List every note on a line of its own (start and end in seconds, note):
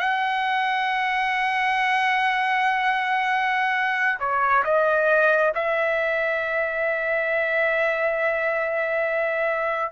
0.00 4.19 F#5
4.20 4.64 C#5
4.65 5.53 D#5
5.55 9.93 E5